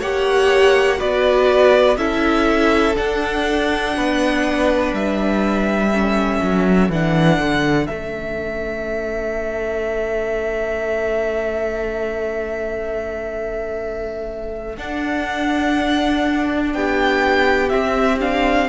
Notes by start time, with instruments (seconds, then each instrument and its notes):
0.00 cello A#3, viola G4, violin C#5 F#5
0.98 cello B3, viola F#4, violin B4 D5
1.97 cello C#4, viola E4, violin A4 E5
2.95 viola D4, cello D4, violin F#5
3.97 cello B3, violin B4
4.93 cello G3, violin E5
5.92 viola C#4, violin A4
6.42 cello F#3
6.89 cello E3, viola D4, violin F#5
7.39 cello D3
7.87 cello A3, viola C#4, violin E5
14.77 viola D4, cello D4, violin F#5
16.73 cello B3, violin G4 G5
17.69 viola C4, cello C4, violin E5
18.20 viola D4, violin F5